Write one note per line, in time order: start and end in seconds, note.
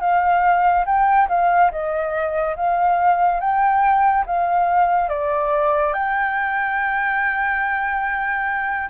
0.00 0.85 F5
0.85 1.28 G5
1.28 1.71 F5
1.71 2.55 D#5
2.56 3.40 F5
3.40 4.24 G5
4.26 5.09 F5
5.09 5.93 D5
5.93 8.89 G5